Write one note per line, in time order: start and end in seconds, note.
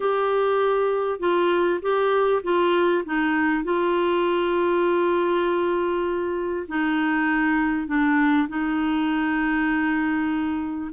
0.00 1.19 G4
1.19 1.80 F4
1.82 2.42 G4
2.43 3.03 F4
3.05 3.64 D#4
3.64 6.67 F4
6.67 7.87 D#4
7.87 8.47 D4
8.48 10.90 D#4